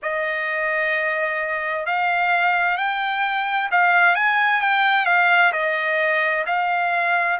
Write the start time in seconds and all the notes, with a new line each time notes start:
0.02 D#5
1.85 F5
2.77 G5
3.71 F5
4.15 G#5
4.61 G5
5.05 F5
5.52 D#5
6.46 F5